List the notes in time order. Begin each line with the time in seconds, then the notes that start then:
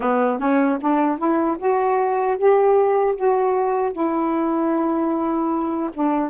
0.00 B3
0.38 C#4
0.81 D4
1.17 E4
1.58 F#4
2.37 G4
3.15 F#4
3.92 E4
5.93 D4